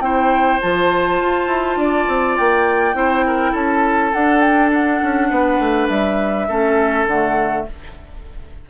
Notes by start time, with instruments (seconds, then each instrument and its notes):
0.00 bassoon C4, clarinet E4, oboe C5, flute G5
0.61 bassoon F3, clarinet F4, flute A5
1.21 bassoon F4
1.47 bassoon E4
1.76 bassoon D4, oboe D5
2.08 bassoon C4
2.37 bassoon A#3, flute G5
2.94 bassoon C4, clarinet E4, oboe C5
3.27 oboe A#4
3.52 bassoon C#4, oboe A4, flute A5
4.13 bassoon D4, clarinet D4, flute F#5
4.40 flute G5
4.73 flute F#5
5.02 bassoon C#4
5.30 bassoon B3, oboe B4
5.59 bassoon A3
5.89 bassoon G3, flute E5
6.49 bassoon A3, clarinet C#4, oboe A4
7.06 bassoon D3, clarinet A3, flute F#5